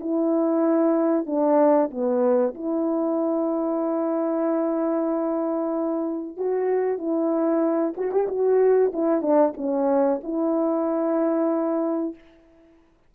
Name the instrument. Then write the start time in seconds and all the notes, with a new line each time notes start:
horn
0.00 E4
1.26 D4
1.90 B3
2.54 E4
6.37 F#4
6.98 E4
7.97 F#4
8.12 G4
8.28 F#4
8.93 E4
9.21 D4
9.57 C#4
10.23 E4